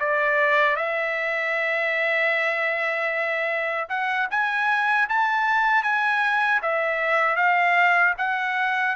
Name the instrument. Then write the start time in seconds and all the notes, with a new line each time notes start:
trumpet
0.00 D5
0.76 E5
3.89 F#5
4.31 G#5
5.09 A5
5.83 G#5
6.62 E5
7.36 F5
8.18 F#5